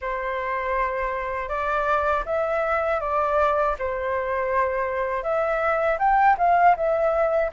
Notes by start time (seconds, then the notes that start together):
0.01 C5
1.49 D5
2.25 E5
3.00 D5
3.79 C5
5.23 E5
5.98 G5
6.38 F5
6.76 E5